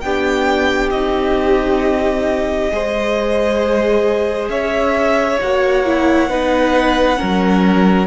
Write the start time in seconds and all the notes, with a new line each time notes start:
0.00 B3 D4 G4 G5
0.90 C4 D#4 D#5
2.71 G#3 G#4 C5
4.49 C#4 C#5 E5
5.41 A#3 F#4 F#5
5.85 E4
6.29 B3 D#4 B4
7.16 C#4 A#4
7.23 F#3